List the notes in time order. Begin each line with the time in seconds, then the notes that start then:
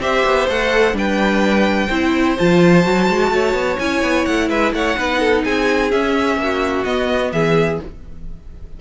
0.00 C4 G4 C5 E5
0.26 B3
0.49 A3 A4 F#5
0.93 G3 D4 B4 G5
1.87 C4 E4 C5
2.38 F3 F4 A5
2.83 F#3 F#4
3.10 G#3
3.31 A3 C#5
3.54 B3
3.79 C#4 E4 G#5
4.02 B3
4.26 A3 F#5
4.49 G#3 B4 E5
4.73 A3 C#5 F#5
4.97 B3 D#4 B4
5.20 A4
5.44 C4 G#4 G#5
5.91 C#4 E5
6.37 A#3
6.43 F#4
6.85 B3 D#5
7.32 E3 G#4 E5